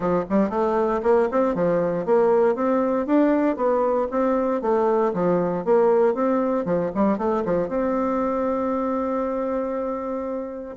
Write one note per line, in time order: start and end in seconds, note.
0.00 0.24 F3
0.29 0.49 G3
0.49 1.00 A3
1.03 1.28 A#3
1.31 1.54 C4
1.54 2.05 F3
2.05 2.55 A#3
2.55 3.06 C4
3.06 3.56 D4
3.56 4.07 B3
4.10 4.61 C4
4.61 5.12 A3
5.13 5.64 F3
5.64 6.14 A#3
6.14 6.65 C4
6.65 6.90 F3
6.94 7.18 G3
7.18 7.43 A3
7.45 7.68 F3
7.68 10.76 C4